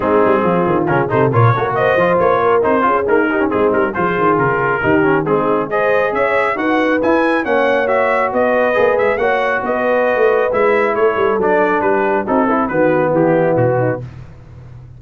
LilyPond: <<
  \new Staff \with { instrumentName = "trumpet" } { \time 4/4 \tempo 4 = 137 gis'2 ais'8 c''8 cis''4 | dis''4 cis''4 c''4 ais'4 | gis'8 ais'8 c''4 ais'2 | gis'4 dis''4 e''4 fis''4 |
gis''4 fis''4 e''4 dis''4~ | dis''8 e''8 fis''4 dis''2 | e''4 cis''4 d''4 b'4 | a'4 b'4 g'4 fis'4 | }
  \new Staff \with { instrumentName = "horn" } { \time 4/4 dis'4 f'4. a'8 ais'8 a'16 ais'16 | c''4. ais'4 gis'4 g'8 | dis'4 gis'2 g'4 | dis'4 c''4 cis''4 b'4~ |
b'4 cis''2 b'4~ | b'4 cis''4 b'2~ | b'4 a'2 g'4 | fis'8 e'8 fis'4 e'4. dis'8 | }
  \new Staff \with { instrumentName = "trombone" } { \time 4/4 c'2 cis'8 dis'8 f'8 fis'8~ | fis'8 f'4. dis'8 f'8 ais8 dis'16 cis'16 | c'4 f'2 dis'8 cis'8 | c'4 gis'2 fis'4 |
e'4 cis'4 fis'2 | gis'4 fis'2. | e'2 d'2 | dis'8 e'8 b2. | }
  \new Staff \with { instrumentName = "tuba" } { \time 4/4 gis8 g8 f8 dis8 cis8 c8 ais,8 ais8~ | ais8 f8 ais4 c'8 cis'8 dis'4 | gis8 g8 f8 dis8 cis4 dis4 | gis2 cis'4 dis'4 |
e'4 ais2 b4 | ais8 gis8 ais4 b4~ b16 a8. | gis4 a8 g8 fis4 g4 | c'4 dis4 e4 b,4 | }
>>